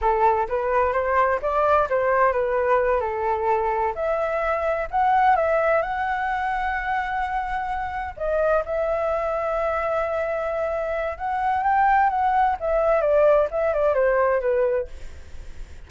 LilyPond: \new Staff \with { instrumentName = "flute" } { \time 4/4 \tempo 4 = 129 a'4 b'4 c''4 d''4 | c''4 b'4. a'4.~ | a'8 e''2 fis''4 e''8~ | e''8 fis''2.~ fis''8~ |
fis''4. dis''4 e''4.~ | e''1 | fis''4 g''4 fis''4 e''4 | d''4 e''8 d''8 c''4 b'4 | }